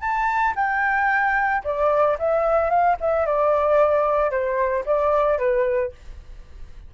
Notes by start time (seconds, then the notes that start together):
0.00 A5
0.55 G5
1.64 D5
2.19 E5
2.70 F5
3.00 E5
3.26 D5
4.31 C5
4.85 D5
5.38 B4